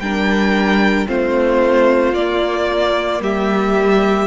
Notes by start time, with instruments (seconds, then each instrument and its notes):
0.00 cello G3, viola D4, violin A#4 G5
1.07 cello A3, viola C4, violin F4 C5
2.13 cello A#3, viola A#3, violin D5
3.20 cello G3, violin G4 E5